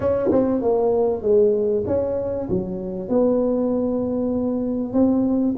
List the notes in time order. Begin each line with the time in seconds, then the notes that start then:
0.00 C#4
0.31 C4
0.61 A#3
1.22 G#3
1.86 C#4
2.49 F#3
3.08 B3
4.93 C4